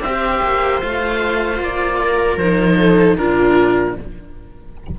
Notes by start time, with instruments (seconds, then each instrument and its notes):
0.00 cello C4 G4, viola C5, oboe E5
0.43 cello A#3
0.80 cello A3 F4, oboe F5
1.59 cello A#3, oboe D5
2.02 viola A#4
2.37 cello F3 D#4, oboe C5
2.79 viola A4
3.18 cello A#2 D4, viola F4, oboe A#4